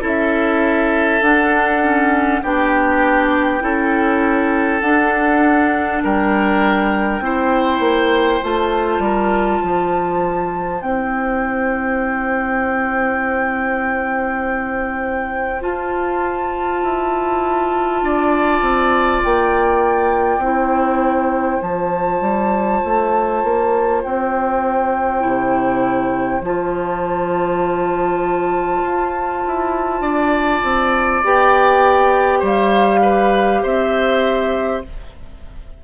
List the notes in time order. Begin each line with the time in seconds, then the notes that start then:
0.00 C#4 E4 A4 E5
1.21 D4 F#5
1.82 C#4
2.43 B3 D4 G4 G5
3.60 C#4 E4 A4
4.80 D4 F#5
6.03 G3 A#4 G5
7.20 C4 E4 C5
7.79 A#3
8.42 A3 F4 A5
8.98 G3 A#4
9.62 F3 C5
10.80 C4 E4 G5
15.60 F4 A5
16.82 E4
18.02 D4 D5
18.61 C4
19.23 A#3 G5
20.38 C4 E4 C5
21.61 F3 F4 A5
22.21 G3
22.84 A3
23.43 A#3
24.03 C4 G5
25.20 C3 E4
26.41 F3 F4 A5
28.82 F4
29.47 E4
30.00 D4 D5
30.63 C4
31.23 B3 G4 G5
32.39 G3 C5 F5
33.02 B4
33.62 C4 C5 E5